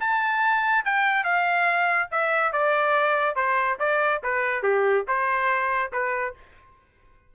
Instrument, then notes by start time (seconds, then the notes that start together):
trumpet
0.00 A5
0.85 G5
1.24 F5
2.11 E5
2.53 D5
3.36 C5
3.79 D5
4.23 B4
4.63 G4
5.08 C5
5.92 B4